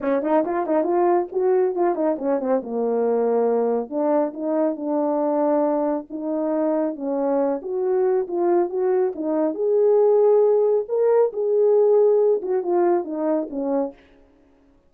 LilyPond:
\new Staff \with { instrumentName = "horn" } { \time 4/4 \tempo 4 = 138 cis'8 dis'8 f'8 dis'8 f'4 fis'4 | f'8 dis'8 cis'8 c'8 ais2~ | ais4 d'4 dis'4 d'4~ | d'2 dis'2 |
cis'4. fis'4. f'4 | fis'4 dis'4 gis'2~ | gis'4 ais'4 gis'2~ | gis'8 fis'8 f'4 dis'4 cis'4 | }